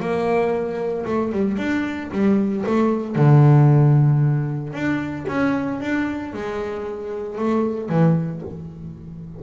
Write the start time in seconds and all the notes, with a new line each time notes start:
0.00 A#3
1.06 A3
1.32 G3
1.58 D4
2.12 G3
2.67 A3
3.16 D3
4.73 D4
5.28 C#4
5.81 D4
6.33 G#3
7.38 A3
7.89 E3